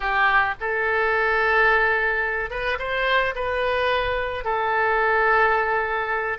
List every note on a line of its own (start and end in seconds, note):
0.00 0.54 G4
0.60 2.50 A4
2.50 2.78 B4
2.79 3.34 C5
3.35 4.44 B4
4.44 6.38 A4